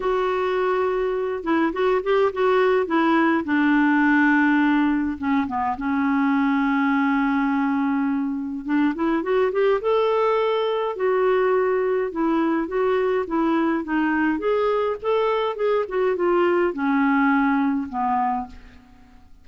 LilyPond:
\new Staff \with { instrumentName = "clarinet" } { \time 4/4 \tempo 4 = 104 fis'2~ fis'8 e'8 fis'8 g'8 | fis'4 e'4 d'2~ | d'4 cis'8 b8 cis'2~ | cis'2. d'8 e'8 |
fis'8 g'8 a'2 fis'4~ | fis'4 e'4 fis'4 e'4 | dis'4 gis'4 a'4 gis'8 fis'8 | f'4 cis'2 b4 | }